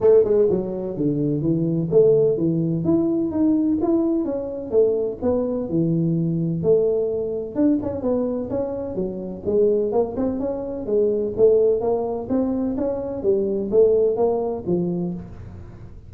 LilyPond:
\new Staff \with { instrumentName = "tuba" } { \time 4/4 \tempo 4 = 127 a8 gis8 fis4 d4 e4 | a4 e4 e'4 dis'4 | e'4 cis'4 a4 b4 | e2 a2 |
d'8 cis'8 b4 cis'4 fis4 | gis4 ais8 c'8 cis'4 gis4 | a4 ais4 c'4 cis'4 | g4 a4 ais4 f4 | }